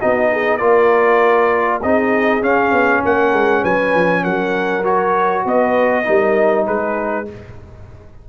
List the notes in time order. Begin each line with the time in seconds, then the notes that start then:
0.00 B3 D#4 F#4 D#5
0.33 G#4
0.57 A#3 F4 A#4 D5
1.82 C4 D#4 G#4 D#5
2.42 C#4 F5
2.72 B3
3.05 A#3 A#4 F#5
3.33 G#3
3.62 F#3 B4 G#5
3.94 F3
4.24 F#3 A#4 F#5
4.84 F#4 C#5
5.45 B3 B4 D#5
6.04 G3 D#4 A#4
6.67 G#3 G#4 B4